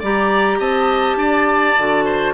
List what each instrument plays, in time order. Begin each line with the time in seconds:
0.00 bassoon G3, clarinet G4, oboe D5, flute A#5
0.59 bassoon C4, oboe D#5, flute A5
1.17 bassoon D4, oboe D5
1.78 bassoon D3, clarinet F#4
2.05 oboe C5